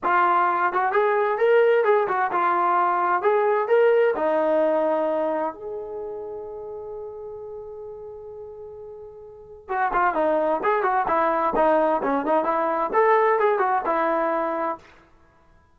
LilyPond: \new Staff \with { instrumentName = "trombone" } { \time 4/4 \tempo 4 = 130 f'4. fis'8 gis'4 ais'4 | gis'8 fis'8 f'2 gis'4 | ais'4 dis'2. | gis'1~ |
gis'1~ | gis'4 fis'8 f'8 dis'4 gis'8 fis'8 | e'4 dis'4 cis'8 dis'8 e'4 | a'4 gis'8 fis'8 e'2 | }